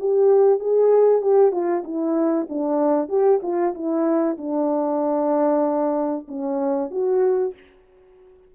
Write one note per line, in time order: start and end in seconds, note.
0.00 0.60 G4
0.60 1.22 G#4
1.22 1.52 G4
1.52 1.84 F4
1.85 2.48 E4
2.50 3.09 D4
3.09 3.41 G4
3.43 3.75 F4
3.75 4.38 E4
4.38 6.28 D4
6.28 6.91 C#4
6.91 7.54 F#4